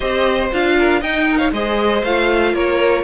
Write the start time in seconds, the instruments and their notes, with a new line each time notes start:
0.00 cello C4, viola G4, violin C5 D#5
0.52 cello D4, viola F4, violin F5
0.78 violin A#4
1.00 cello D#4, viola D#4, violin D#5 G5
1.31 violin A#4
1.37 violin C#5 F5
1.52 cello G#3, viola G#4, violin C5 D#5
2.03 cello A3, viola F4, violin F5
2.53 cello A#3, violin A#4 C#5